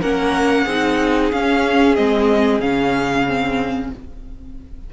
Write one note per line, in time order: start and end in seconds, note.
0.00 0.66 A#3
0.00 0.67 C#4
0.00 0.64 A#4
0.00 1.31 F#5
0.64 1.31 C4
0.64 1.32 D#4
0.64 3.90 G#4
1.31 1.97 C#4
1.31 1.96 C#4
1.31 1.95 F5
1.95 2.59 G#3
1.95 2.60 C4
1.95 2.60 D#5
2.59 3.90 C#3
2.59 3.26 C#4
2.59 3.90 F5
3.27 3.93 C4